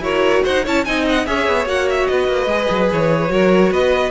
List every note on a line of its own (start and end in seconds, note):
0.00 0.41 E4
0.00 0.63 F#4
0.00 0.44 A#4
0.00 0.45 C#5
0.44 0.67 D#4
0.44 0.65 C5
0.44 0.66 F#5
0.65 0.87 C#4
0.65 0.86 E4
0.65 0.85 C#5
0.65 0.85 A5
0.85 1.27 C4
0.85 1.26 D#4
0.85 1.28 D#5
0.85 1.06 G#5
1.10 1.27 F#5
1.26 1.48 C#4
1.26 1.67 G#4
1.26 2.12 C#5
1.26 1.68 E5
1.48 1.66 B3
1.66 2.07 A#3
1.66 2.48 F#4
1.66 1.89 F#5
1.90 2.08 E5
2.08 2.28 B3
2.08 3.32 B4
2.08 2.90 D#5
2.28 2.47 A#3
2.47 2.67 G#3
2.47 3.29 G#4
2.71 2.91 F#3
2.93 3.30 E3
2.93 3.73 C#5
3.29 3.71 F#3
3.29 4.11 F#4
3.29 3.72 A#4
3.72 4.11 B3
3.72 4.11 B4
3.72 4.11 D#5